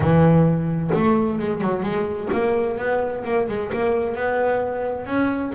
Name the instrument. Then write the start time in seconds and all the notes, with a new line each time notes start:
double bass
0.00 E3
0.93 A3
1.39 G#3
1.61 F#3
1.82 G#3
2.32 A#3
2.77 B3
3.24 A#3
3.48 G#3
3.73 A#3
4.15 B3
5.06 C#4